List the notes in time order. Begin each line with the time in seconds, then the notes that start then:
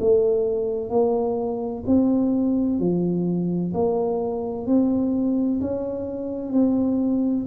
0.00 A3
0.90 A#3
1.86 C4
2.79 F3
3.74 A#3
4.67 C4
5.61 C#4
6.52 C4